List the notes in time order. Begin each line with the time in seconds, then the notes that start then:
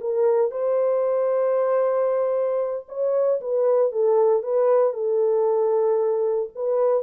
0.00 A#4
0.51 C5
2.88 C#5
3.40 B4
3.92 A4
4.42 B4
4.93 A4
6.55 B4